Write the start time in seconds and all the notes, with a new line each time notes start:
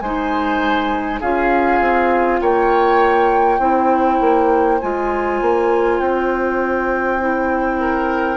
0.00 G#3 D#4 C5 G#5
1.20 C#4 F4 G#4 F5
1.81 C4
2.41 A#3 C#5 G5
3.59 C4 E4 C5
4.21 A#3
4.81 G#3 F4 G#5
5.42 A#3
6.00 C4 G5
7.21 E4
7.80 A#4